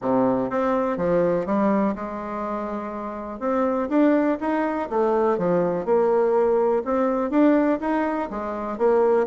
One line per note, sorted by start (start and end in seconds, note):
0.01 0.50 C3
0.50 0.97 C4
0.97 1.46 F3
1.46 1.94 G3
1.95 3.39 G#3
3.39 3.88 C4
3.89 4.38 D4
4.40 4.89 D#4
4.89 5.37 A3
5.37 5.85 F3
5.85 6.82 A#3
6.84 7.30 C4
7.30 7.79 D4
7.80 8.29 D#4
8.30 8.78 G#3
8.78 9.26 A#3